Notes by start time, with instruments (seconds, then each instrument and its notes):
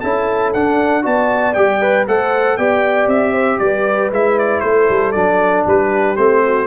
0.00 tuba C#4, trombone E4, horn A4, trumpet A5
0.53 trombone D4, tuba D4, trumpet F#5
1.02 tuba B3, trombone F#4, horn D5, trumpet A5
1.54 tuba G3, trombone G4, trumpet G5
1.81 trombone B4
2.07 tuba A3, trombone A4, horn C5, trumpet F#5
2.57 tuba B3, trombone G4, horn D5, trumpet G5
3.07 tuba C4, trumpet E5
3.32 horn C5
3.58 tuba G3, horn B4, trumpet D5
4.11 tuba G#3, trombone E4, trumpet E5
4.38 trumpet D5
4.60 tuba A3, horn A4, trumpet C5
4.89 tuba G3
5.11 tuba F#3, trombone D4, trumpet D5
5.66 tuba G3, horn G4, trumpet B4
6.16 tuba A3, trombone C4, trumpet C5
6.43 horn F#4